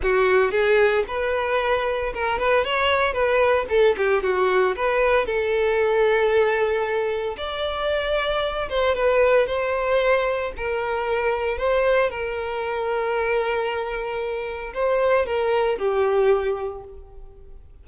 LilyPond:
\new Staff \with { instrumentName = "violin" } { \time 4/4 \tempo 4 = 114 fis'4 gis'4 b'2 | ais'8 b'8 cis''4 b'4 a'8 g'8 | fis'4 b'4 a'2~ | a'2 d''2~ |
d''8 c''8 b'4 c''2 | ais'2 c''4 ais'4~ | ais'1 | c''4 ais'4 g'2 | }